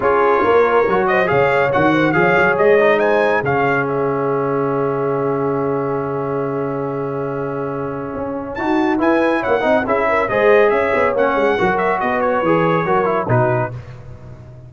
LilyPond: <<
  \new Staff \with { instrumentName = "trumpet" } { \time 4/4 \tempo 4 = 140 cis''2~ cis''8 dis''8 f''4 | fis''4 f''4 dis''4 gis''4 | f''4 e''2.~ | e''1~ |
e''1 | a''4 gis''4 fis''4 e''4 | dis''4 e''4 fis''4. e''8 | dis''8 cis''2~ cis''8 b'4 | }
  \new Staff \with { instrumentName = "horn" } { \time 4/4 gis'4 ais'4. c''8 cis''4~ | cis''8 c''8 cis''2 c''4 | gis'1~ | gis'1~ |
gis'1 | fis'4 b'4 cis''8 dis''8 gis'8 ais'8 | c''4 cis''2 ais'4 | b'2 ais'4 fis'4 | }
  \new Staff \with { instrumentName = "trombone" } { \time 4/4 f'2 fis'4 gis'4 | fis'4 gis'4. dis'4. | cis'1~ | cis'1~ |
cis'1 | fis'4 e'4. dis'8 e'4 | gis'2 cis'4 fis'4~ | fis'4 gis'4 fis'8 e'8 dis'4 | }
  \new Staff \with { instrumentName = "tuba" } { \time 4/4 cis'4 ais4 fis4 cis4 | dis4 f8 fis8 gis2 | cis1~ | cis1~ |
cis2. cis'4 | dis'4 e'4 ais8 c'8 cis'4 | gis4 cis'8 b8 ais8 gis8 fis4 | b4 e4 fis4 b,4 | }
>>